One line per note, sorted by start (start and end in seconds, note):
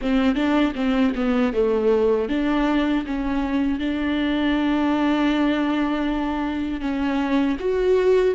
0.01 0.35 C4
0.35 0.72 D4
0.75 1.13 C4
1.15 1.53 B3
1.53 2.29 A3
2.29 3.04 D4
3.06 3.79 C#4
3.79 6.80 D4
6.80 7.56 C#4
7.59 8.34 F#4